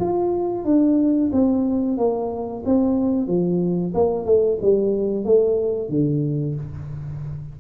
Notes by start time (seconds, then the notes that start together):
0.00 F4
0.65 D4
1.32 C4
1.98 A#3
2.66 C4
3.28 F3
3.94 A#3
4.26 A3
4.62 G3
5.25 A3
5.90 D3